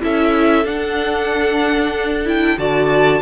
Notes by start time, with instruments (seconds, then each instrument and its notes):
0.00 cello C#4, viola E4, violin A4 E5
0.64 cello D4, viola D4, violin F#5
2.25 viola E4, violin G5
2.57 cello D3, viola F#4, violin D5 A5